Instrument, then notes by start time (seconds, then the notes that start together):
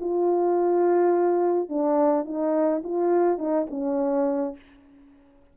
horn
0.00 F4
1.69 D4
2.25 D#4
2.84 F4
3.38 D#4
3.70 C#4